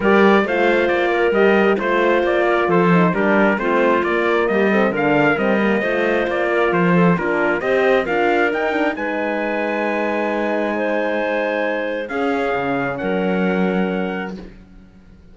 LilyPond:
<<
  \new Staff \with { instrumentName = "trumpet" } { \time 4/4 \tempo 4 = 134 d''4 f''4 d''4 dis''4 | c''4 d''4 c''4 ais'4 | c''4 d''4 dis''4 f''4 | dis''2 d''4 c''4 |
ais'4 dis''4 f''4 g''4 | gis''1~ | gis''2. f''4~ | f''4 fis''2. | }
  \new Staff \with { instrumentName = "clarinet" } { \time 4/4 ais'4 c''4. ais'4. | c''4. ais'8 a'4 g'4 | f'2 g'8 a'8 ais'4~ | ais'4 c''4. ais'4 a'8 |
f'4 c''4 ais'2 | b'1 | c''2. gis'4~ | gis'4 ais'2. | }
  \new Staff \with { instrumentName = "horn" } { \time 4/4 g'4 f'2 g'4 | f'2~ f'8 dis'8 d'4 | c'4 ais4. c'8 d'4 | c'8 ais8 f'2. |
d'4 g'4 f'4 dis'8 d'8 | dis'1~ | dis'2. cis'4~ | cis'1 | }
  \new Staff \with { instrumentName = "cello" } { \time 4/4 g4 a4 ais4 g4 | a4 ais4 f4 g4 | a4 ais4 g4 d4 | g4 a4 ais4 f4 |
ais4 c'4 d'4 dis'4 | gis1~ | gis2. cis'4 | cis4 fis2. | }
>>